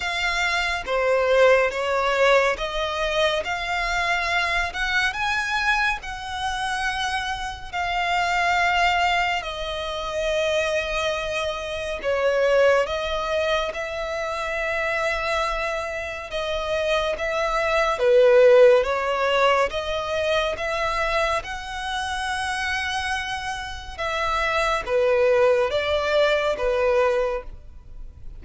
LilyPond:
\new Staff \with { instrumentName = "violin" } { \time 4/4 \tempo 4 = 70 f''4 c''4 cis''4 dis''4 | f''4. fis''8 gis''4 fis''4~ | fis''4 f''2 dis''4~ | dis''2 cis''4 dis''4 |
e''2. dis''4 | e''4 b'4 cis''4 dis''4 | e''4 fis''2. | e''4 b'4 d''4 b'4 | }